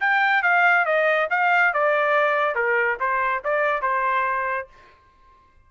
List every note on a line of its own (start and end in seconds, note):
0.00 0.42 G5
0.42 0.85 F5
0.86 1.28 D#5
1.30 1.73 F5
1.73 2.55 D5
2.55 2.98 A#4
3.00 3.43 C5
3.44 3.82 D5
3.82 4.68 C5